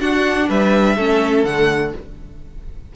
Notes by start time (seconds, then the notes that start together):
0.00 D4 F#4 F#5
0.49 G3 B4 E5
0.96 A3 C#4 A4
1.44 D3 A3 F#5